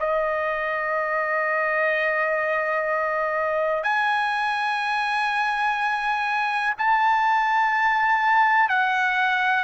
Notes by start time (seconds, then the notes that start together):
0.00 D#5
3.84 G#5
6.78 A5
8.69 F#5